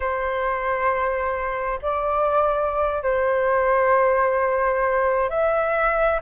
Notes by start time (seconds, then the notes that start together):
0.00 C5
1.82 D5
3.02 C5
5.29 E5